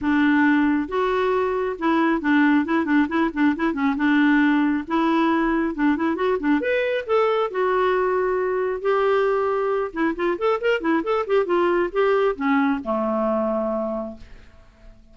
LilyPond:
\new Staff \with { instrumentName = "clarinet" } { \time 4/4 \tempo 4 = 136 d'2 fis'2 | e'4 d'4 e'8 d'8 e'8 d'8 | e'8 cis'8 d'2 e'4~ | e'4 d'8 e'8 fis'8 d'8 b'4 |
a'4 fis'2. | g'2~ g'8 e'8 f'8 a'8 | ais'8 e'8 a'8 g'8 f'4 g'4 | cis'4 a2. | }